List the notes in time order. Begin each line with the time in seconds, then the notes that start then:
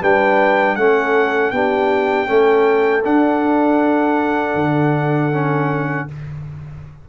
0.00 G3 D4 B4 G5
0.75 A3 C#4 A4 F#5
1.50 B3 D4 G4 G5
2.26 A3 C#4 A4
3.04 D4 F#5
4.54 D3
5.32 C#4